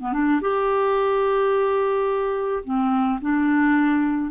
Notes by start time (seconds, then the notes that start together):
0.00 B3
0.13 D4
0.41 G4
2.64 C4
3.21 D4